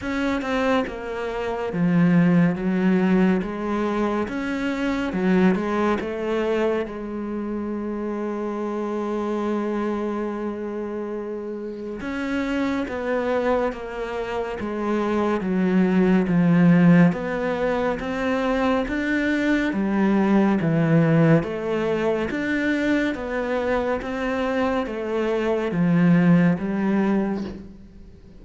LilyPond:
\new Staff \with { instrumentName = "cello" } { \time 4/4 \tempo 4 = 70 cis'8 c'8 ais4 f4 fis4 | gis4 cis'4 fis8 gis8 a4 | gis1~ | gis2 cis'4 b4 |
ais4 gis4 fis4 f4 | b4 c'4 d'4 g4 | e4 a4 d'4 b4 | c'4 a4 f4 g4 | }